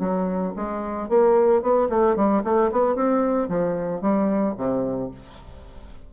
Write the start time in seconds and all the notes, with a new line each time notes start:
0.00 F#3
0.56 G#3
1.09 A#3
1.62 B3
1.89 A3
2.16 G3
2.44 A3
2.72 B3
2.95 C4
3.49 F3
4.02 G3
4.58 C3